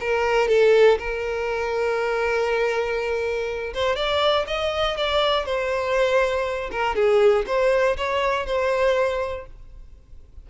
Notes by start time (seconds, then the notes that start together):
0.00 A#4
0.48 A4
0.98 A#4
3.74 C5
3.95 D5
4.47 D#5
4.97 D5
5.45 C5
6.71 A#4
6.95 G#4
7.47 C5
7.97 C#5
8.46 C5